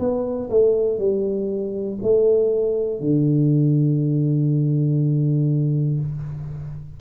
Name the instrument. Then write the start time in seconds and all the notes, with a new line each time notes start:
tuba
0.00 B3
0.50 A3
0.99 G3
2.03 A3
3.01 D3